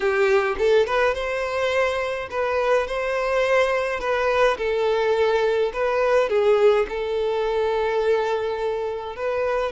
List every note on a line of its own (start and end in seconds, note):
0.00 0.56 G4
0.58 0.86 A4
0.86 1.14 B4
1.14 2.28 C5
2.30 2.87 B4
2.87 4.00 C5
4.00 4.57 B4
4.57 5.71 A4
5.73 6.29 B4
6.29 6.86 G#4
6.88 9.16 A4
9.16 9.71 B4